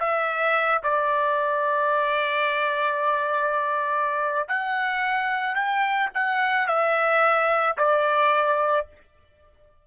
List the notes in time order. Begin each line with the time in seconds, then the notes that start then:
0.00 E5
0.84 D5
4.49 F#5
5.56 G5
6.15 F#5
6.68 E5
7.78 D5